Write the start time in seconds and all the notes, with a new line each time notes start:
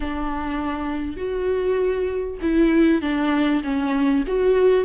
0.00 D4
1.17 F#4
2.41 E4
3.01 D4
3.63 C#4
4.27 F#4